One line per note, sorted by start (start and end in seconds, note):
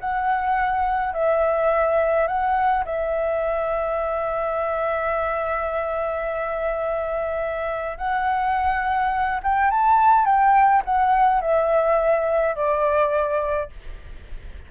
0.00 1.13 F#5
1.13 2.27 E5
2.27 2.84 F#5
2.85 7.98 E5
7.98 9.41 F#5
9.43 9.71 G5
9.71 10.25 A5
10.25 10.83 G5
10.85 11.41 F#5
11.41 12.55 E5
12.55 13.70 D5